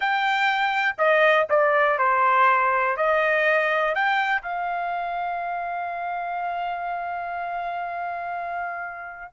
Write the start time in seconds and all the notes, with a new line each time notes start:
0.00 G5
0.97 D#5
1.49 D5
1.98 C5
2.96 D#5
3.95 G5
4.42 F5